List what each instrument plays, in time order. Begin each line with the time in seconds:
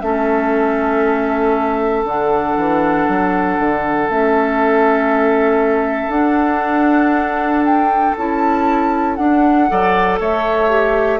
0.00 bassoon A3, clarinet C#4, oboe A4, flute E5
2.04 bassoon D3, clarinet D4, flute F#5
2.56 bassoon E3
3.08 bassoon F#3
3.58 bassoon D3
4.09 bassoon A3, clarinet C#4, flute E5
6.08 bassoon D4, clarinet D4, flute F#5
7.64 flute G5
8.17 bassoon C#4, clarinet E4, flute A5
9.15 bassoon D4, clarinet D4, flute F#5
9.69 bassoon F#3, clarinet A4, oboe D5
10.19 bassoon A3, oboe C#5, flute E5
10.69 clarinet G4